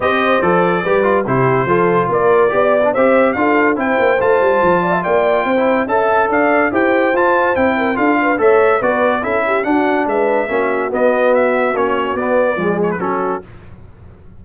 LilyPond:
<<
  \new Staff \with { instrumentName = "trumpet" } { \time 4/4 \tempo 4 = 143 dis''4 d''2 c''4~ | c''4 d''2 e''4 | f''4 g''4 a''2 | g''2 a''4 f''4 |
g''4 a''4 g''4 f''4 | e''4 d''4 e''4 fis''4 | e''2 dis''4 e''4 | cis''4 d''4. cis''16 b'16 a'4 | }
  \new Staff \with { instrumentName = "horn" } { \time 4/4 c''2 b'4 g'4 | a'4 ais'4 d''4 c''4 | a'4 c''2~ c''8 d''16 e''16 | d''4 c''4 e''4 d''4 |
c''2~ c''8 ais'8 a'8 b'8 | cis''4 b'4 a'8 g'8 fis'4 | b'4 fis'2.~ | fis'2 gis'4 fis'4 | }
  \new Staff \with { instrumentName = "trombone" } { \time 4/4 g'4 a'4 g'8 f'8 e'4 | f'2 g'8. d'16 g'4 | f'4 e'4 f'2~ | f'4~ f'16 e'8. a'2 |
g'4 f'4 e'4 f'4 | a'4 fis'4 e'4 d'4~ | d'4 cis'4 b2 | cis'4 b4 gis4 cis'4 | }
  \new Staff \with { instrumentName = "tuba" } { \time 4/4 c'4 f4 g4 c4 | f4 ais4 b4 c'4 | d'4 c'8 ais8 a8 g8 f4 | ais4 c'4 cis'4 d'4 |
e'4 f'4 c'4 d'4 | a4 b4 cis'4 d'4 | gis4 ais4 b2 | ais4 b4 f4 fis4 | }
>>